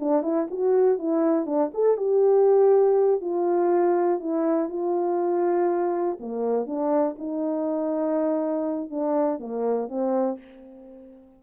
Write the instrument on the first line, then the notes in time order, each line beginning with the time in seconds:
horn
0.00 D4
0.23 E4
0.51 F#4
0.99 E4
1.46 D4
1.74 A4
1.97 G4
3.21 F4
4.20 E4
4.69 F4
6.20 A#3
6.66 D4
7.18 D#4
8.90 D4
9.39 A#3
9.89 C4